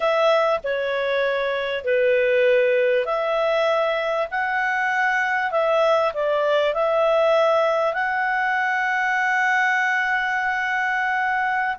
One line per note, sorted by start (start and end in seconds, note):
0.00 0.60 E5
0.63 1.84 C#5
1.84 3.05 B4
3.05 4.27 E5
4.30 5.51 F#5
5.51 6.12 E5
6.13 6.74 D5
6.74 7.93 E5
7.93 11.76 F#5